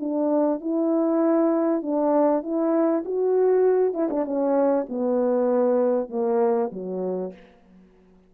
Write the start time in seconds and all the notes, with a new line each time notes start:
0.00 D4
0.61 E4
1.83 D4
2.43 E4
3.06 F#4
3.94 E4
4.11 D4
4.25 C#4
4.90 B3
6.10 A#3
6.73 F#3